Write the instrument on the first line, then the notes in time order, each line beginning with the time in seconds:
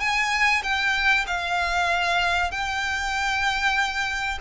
violin
0.00 G#5
0.63 G5
1.27 F5
2.51 G5